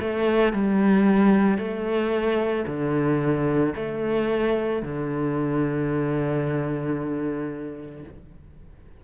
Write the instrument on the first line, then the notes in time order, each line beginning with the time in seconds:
cello
0.00 A3
0.53 G3
1.58 A3
2.67 D3
3.76 A3
4.83 D3